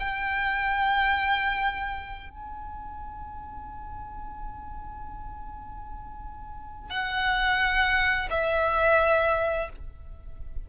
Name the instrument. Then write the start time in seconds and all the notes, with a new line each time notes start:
violin
0.00 G5
2.30 G#5
6.90 F#5
8.31 E5